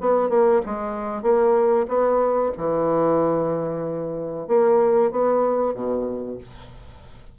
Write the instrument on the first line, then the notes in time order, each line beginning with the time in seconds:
bassoon
0.00 B3
0.29 A#3
0.65 G#3
1.22 A#3
1.88 B3
2.57 E3
4.47 A#3
5.11 B3
5.74 B2